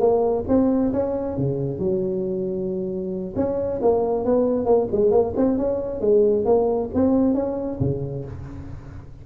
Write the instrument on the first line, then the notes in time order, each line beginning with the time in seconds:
tuba
0.00 A#3
0.48 C4
0.93 C#4
1.38 C#3
1.79 F#3
3.37 C#4
3.82 A#3
4.25 B3
4.66 A#3
4.92 G#3
5.12 A#3
5.37 C4
5.58 C#4
6.01 G#3
6.46 A#3
6.95 C4
7.35 C#4
7.81 C#3